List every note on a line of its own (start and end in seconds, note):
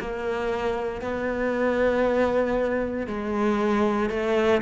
0.00 1.02 A#3
1.02 3.07 B3
3.07 4.10 G#3
4.10 4.62 A3